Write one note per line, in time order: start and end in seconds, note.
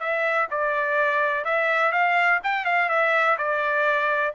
0.00 0.48 E5
0.51 1.45 D5
1.45 1.92 E5
1.92 2.40 F5
2.44 2.66 G5
2.66 2.89 F5
2.89 3.37 E5
3.38 4.34 D5